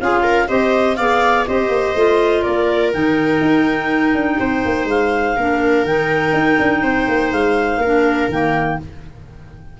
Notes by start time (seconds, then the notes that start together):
0.00 C#4 F4 G#4 F5
0.23 A#4
0.47 C4 G4 C5 D#5
0.96 B3 G#4 D5 F5
1.47 C4 G4 C5 D#5
1.68 A#3
1.95 A3 F4
2.42 A#3 A#4 D5
2.93 D#3 D#4 G5
3.40 D#4
4.14 D4
4.40 C4 C5
4.65 A#3
4.85 G#3 F5
5.36 A#3 D4 A#4
5.84 D#3 D#4 G5
6.32 D#4
6.59 D4
6.82 C4 C5
7.08 A#3
7.32 G#3 F5
7.77 A#3 A#4
7.84 D4
8.28 D#3 A#3 G5